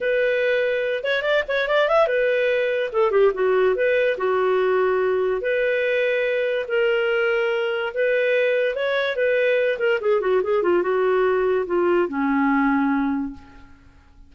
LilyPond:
\new Staff \with { instrumentName = "clarinet" } { \time 4/4 \tempo 4 = 144 b'2~ b'8 cis''8 d''8 cis''8 | d''8 e''8 b'2 a'8 g'8 | fis'4 b'4 fis'2~ | fis'4 b'2. |
ais'2. b'4~ | b'4 cis''4 b'4. ais'8 | gis'8 fis'8 gis'8 f'8 fis'2 | f'4 cis'2. | }